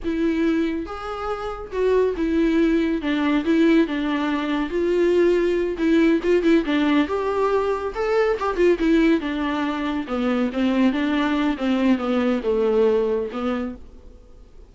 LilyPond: \new Staff \with { instrumentName = "viola" } { \time 4/4 \tempo 4 = 140 e'2 gis'2 | fis'4 e'2 d'4 | e'4 d'2 f'4~ | f'4. e'4 f'8 e'8 d'8~ |
d'8 g'2 a'4 g'8 | f'8 e'4 d'2 b8~ | b8 c'4 d'4. c'4 | b4 a2 b4 | }